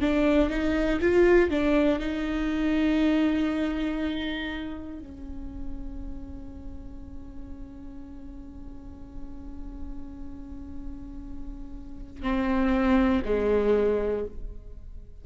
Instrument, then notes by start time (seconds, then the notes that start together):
viola
0.00 D4
0.50 D#4
1.00 F4
1.50 D4
1.99 D#4
4.99 C#4
12.22 C4
13.25 G#3